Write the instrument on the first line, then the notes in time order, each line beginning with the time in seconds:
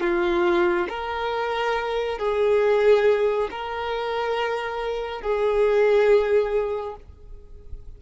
violin
0.00 F4
0.89 A#4
2.18 G#4
3.51 A#4
5.21 G#4